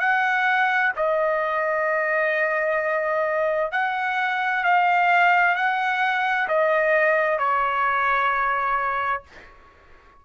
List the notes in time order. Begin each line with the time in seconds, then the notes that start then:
0.00 F#5
0.97 D#5
3.72 F#5
4.64 F5
5.56 F#5
6.49 D#5
7.39 C#5